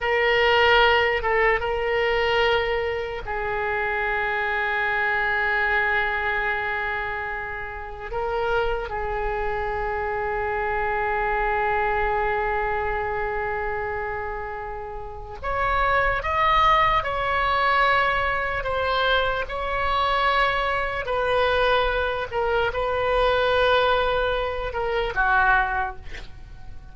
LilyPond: \new Staff \with { instrumentName = "oboe" } { \time 4/4 \tempo 4 = 74 ais'4. a'8 ais'2 | gis'1~ | gis'2 ais'4 gis'4~ | gis'1~ |
gis'2. cis''4 | dis''4 cis''2 c''4 | cis''2 b'4. ais'8 | b'2~ b'8 ais'8 fis'4 | }